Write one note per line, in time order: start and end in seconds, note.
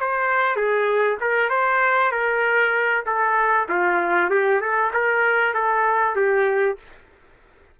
0.00 0.56 C5
0.56 1.18 G#4
1.21 1.50 A#4
1.50 2.12 C5
2.12 3.05 A#4
3.06 3.68 A4
3.69 4.30 F4
4.30 4.61 G4
4.61 4.92 A4
4.94 5.54 A#4
5.54 6.16 A4
6.16 6.78 G4